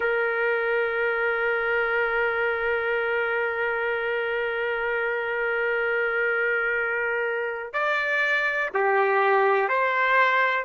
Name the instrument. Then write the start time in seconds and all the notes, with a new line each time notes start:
trumpet
0.00 A#4
7.73 D5
8.74 G4
9.68 C5